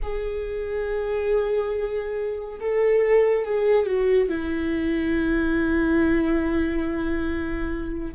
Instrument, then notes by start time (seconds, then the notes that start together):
viola
0.02 G#4
2.60 A4
3.45 G#4
3.86 F#4
4.28 E4